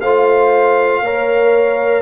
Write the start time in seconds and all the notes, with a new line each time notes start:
0.00 A3 F4 C5 F5
1.01 A#3 A#4 C#5